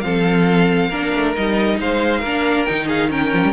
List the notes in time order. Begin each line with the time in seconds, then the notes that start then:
0.00 F3 C4 A4 F5
0.88 A#3 D4 A#4
1.14 A3
1.35 G3 D#4 D#5
1.79 G#3 C5 F5
2.19 A#3 D4 A#4
2.65 D#3 D#4 G5
2.87 G#4 F5
3.09 C#4 A#4 G5
3.33 F3
3.43 G3